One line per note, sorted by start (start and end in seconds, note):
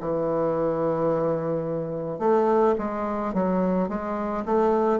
0.00 2.19 E3
2.19 2.75 A3
2.78 3.33 G#3
3.34 3.89 F#3
3.89 4.44 G#3
4.45 5.00 A3